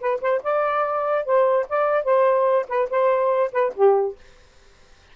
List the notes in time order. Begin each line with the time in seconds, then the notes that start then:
0.00 B4
0.21 C5
0.43 D5
1.25 C5
1.69 D5
2.04 C5
2.68 B4
2.90 C5
3.52 B4
3.75 G4